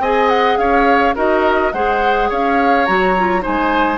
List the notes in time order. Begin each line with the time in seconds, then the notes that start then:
0.00 C4 G#4 D#5 G#5
0.29 F#5
0.58 C#4 C#5 F5
1.16 D#4 F#4 A#4 D#5
1.73 G#3 G#4 C5 F#5
2.30 C#4 C#5 F5
2.86 F#3 F#4 A#5
3.18 F4
3.41 G#3 D#4 C5 G#5